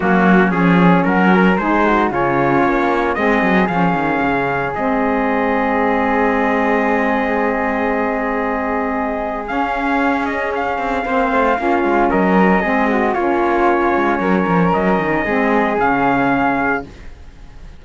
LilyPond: <<
  \new Staff \with { instrumentName = "trumpet" } { \time 4/4 \tempo 4 = 114 fis'4 gis'4 ais'4 c''4 | cis''2 dis''4 f''4~ | f''4 dis''2.~ | dis''1~ |
dis''2 f''4. dis''8 | f''2. dis''4~ | dis''4 cis''2. | dis''2 f''2 | }
  \new Staff \with { instrumentName = "flute" } { \time 4/4 cis'2 fis'8 ais'8 gis'8 fis'8 | f'2 gis'2~ | gis'1~ | gis'1~ |
gis'1~ | gis'4 c''4 f'4 ais'4 | gis'8 fis'8 f'2 ais'4~ | ais'4 gis'2. | }
  \new Staff \with { instrumentName = "saxophone" } { \time 4/4 ais4 cis'2 dis'4 | cis'2 c'4 cis'4~ | cis'4 c'2.~ | c'1~ |
c'2 cis'2~ | cis'4 c'4 cis'2 | c'4 cis'2.~ | cis'4 c'4 cis'2 | }
  \new Staff \with { instrumentName = "cello" } { \time 4/4 fis4 f4 fis4 gis4 | cis4 ais4 gis8 fis8 f8 dis8 | cis4 gis2.~ | gis1~ |
gis2 cis'2~ | cis'8 c'8 ais8 a8 ais8 gis8 fis4 | gis4 ais4. gis8 fis8 f8 | fis8 dis8 gis4 cis2 | }
>>